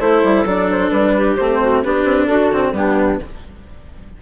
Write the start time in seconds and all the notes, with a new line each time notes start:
0.00 A3 E4 A4 C5
0.24 G3
0.46 F#3 D4 D5
0.71 C5
0.90 G3 B4
1.16 G4
1.36 A3 C4 C5
1.61 F#4
1.84 B3 D4 G4 B4
2.05 C4
2.26 D4 F#4 A4
2.52 D3 C4
2.73 G3 B3 D4 G4